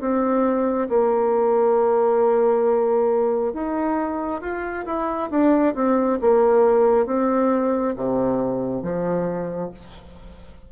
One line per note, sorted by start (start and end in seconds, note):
0.00 0.88 C4
0.89 3.53 A#3
3.53 4.41 D#4
4.41 4.85 F4
4.85 5.29 E4
5.30 5.74 D4
5.75 6.19 C4
6.21 7.06 A#3
7.06 7.94 C4
7.96 8.82 C3
8.82 9.70 F3